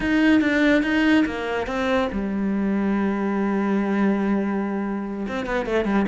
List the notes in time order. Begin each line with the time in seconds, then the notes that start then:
0.00 D#4
0.41 D4
0.82 D#4
1.25 A#3
1.66 C4
2.12 G3
5.28 C4
5.46 B3
5.66 A3
5.84 G3